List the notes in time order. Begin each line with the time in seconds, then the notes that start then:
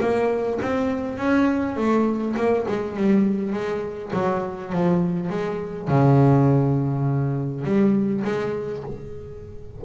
0.00 A#3
0.61 C4
1.17 C#4
1.76 A3
2.36 A#3
2.67 G#3
2.96 G3
3.52 G#3
4.13 F#3
4.72 F3
5.29 G#3
5.88 C#3
7.64 G3
8.24 G#3